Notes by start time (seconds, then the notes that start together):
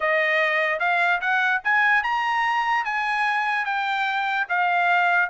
0.00 D#5
0.79 F5
1.20 F#5
1.63 G#5
2.03 A#5
2.84 G#5
3.65 G5
4.48 F5